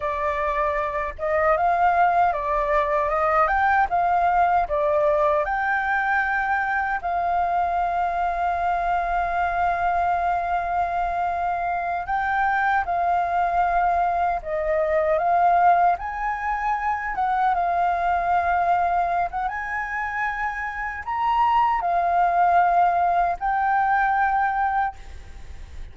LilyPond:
\new Staff \with { instrumentName = "flute" } { \time 4/4 \tempo 4 = 77 d''4. dis''8 f''4 d''4 | dis''8 g''8 f''4 d''4 g''4~ | g''4 f''2.~ | f''2.~ f''8 g''8~ |
g''8 f''2 dis''4 f''8~ | f''8 gis''4. fis''8 f''4.~ | f''8. fis''16 gis''2 ais''4 | f''2 g''2 | }